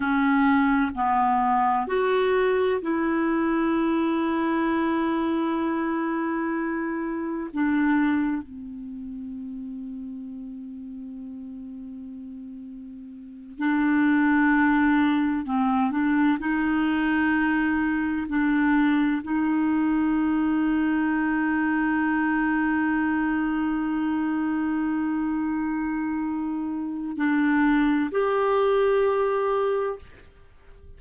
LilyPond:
\new Staff \with { instrumentName = "clarinet" } { \time 4/4 \tempo 4 = 64 cis'4 b4 fis'4 e'4~ | e'1 | d'4 c'2.~ | c'2~ c'8 d'4.~ |
d'8 c'8 d'8 dis'2 d'8~ | d'8 dis'2.~ dis'8~ | dis'1~ | dis'4 d'4 g'2 | }